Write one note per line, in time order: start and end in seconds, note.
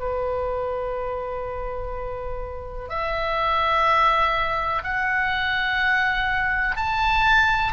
0.00 2.89 B4
2.89 4.83 E5
4.84 6.77 F#5
6.77 7.73 A5